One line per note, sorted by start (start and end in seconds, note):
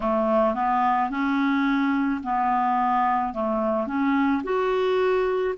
0.00 0.54 A3
0.54 1.10 B3
1.10 2.21 C#4
2.23 3.33 B3
3.33 3.86 A3
3.86 4.42 C#4
4.43 5.55 F#4